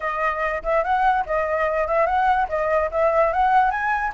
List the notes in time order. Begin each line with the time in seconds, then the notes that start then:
0.00 D#5
0.63 E5
0.83 F#5
1.25 D#5
1.87 E5
2.06 F#5
2.48 D#5
2.91 E5
3.32 F#5
3.70 G#5